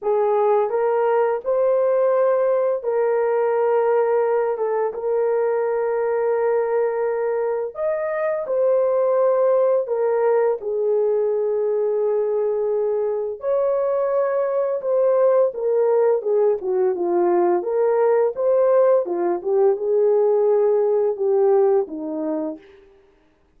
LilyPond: \new Staff \with { instrumentName = "horn" } { \time 4/4 \tempo 4 = 85 gis'4 ais'4 c''2 | ais'2~ ais'8 a'8 ais'4~ | ais'2. dis''4 | c''2 ais'4 gis'4~ |
gis'2. cis''4~ | cis''4 c''4 ais'4 gis'8 fis'8 | f'4 ais'4 c''4 f'8 g'8 | gis'2 g'4 dis'4 | }